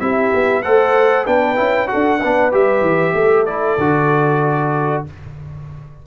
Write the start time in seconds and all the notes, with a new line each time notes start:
0.00 C4 E4 G4 E5
0.34 B3
0.63 A3 A4 C5 F#5
1.26 B3 D4 B4 G5
1.56 C#4 E4
1.87 F#4 A4 F#5
1.94 D4
2.19 B3 D4 B4
2.52 G3 G4 E5
2.82 E3
3.14 A3 A4
3.46 E4 D5
3.78 D3 F#4